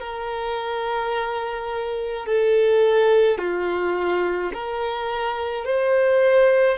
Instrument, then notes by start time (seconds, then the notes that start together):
violin
0.00 A#4
2.26 A4
3.38 F4
4.53 A#4
5.65 C5